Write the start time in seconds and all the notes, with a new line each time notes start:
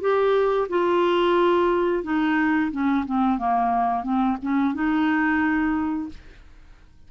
0.00 G4
0.69 F4
2.03 D#4
2.71 C#4
3.06 C4
3.38 A#3
4.03 C4
4.42 C#4
4.73 D#4